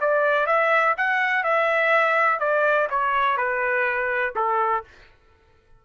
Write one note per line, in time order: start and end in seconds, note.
0.00 0.46 D5
0.46 0.95 E5
0.97 1.44 F#5
1.44 2.40 E5
2.40 2.88 D5
2.90 3.37 C#5
3.37 4.34 B4
4.35 4.84 A4